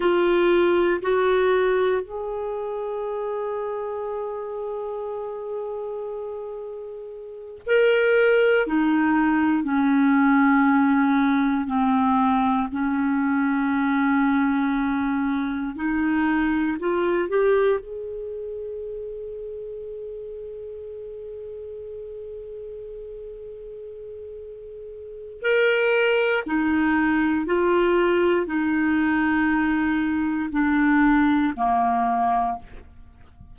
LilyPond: \new Staff \with { instrumentName = "clarinet" } { \time 4/4 \tempo 4 = 59 f'4 fis'4 gis'2~ | gis'2.~ gis'8 ais'8~ | ais'8 dis'4 cis'2 c'8~ | c'8 cis'2. dis'8~ |
dis'8 f'8 g'8 gis'2~ gis'8~ | gis'1~ | gis'4 ais'4 dis'4 f'4 | dis'2 d'4 ais4 | }